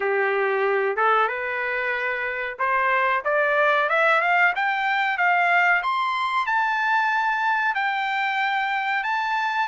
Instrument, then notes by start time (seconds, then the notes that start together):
trumpet
0.00 G4
0.96 A4
1.28 B4
2.58 C5
3.24 D5
3.89 E5
4.21 F5
4.55 G5
5.17 F5
5.82 C6
6.46 A5
7.74 G5
9.03 A5